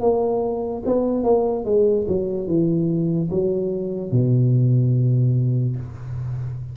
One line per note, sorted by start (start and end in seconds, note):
0.00 0.82 A#3
0.85 1.23 B3
1.23 1.64 A#3
1.64 2.05 G#3
2.07 2.47 F#3
2.47 3.29 E3
3.30 4.11 F#3
4.11 5.75 B2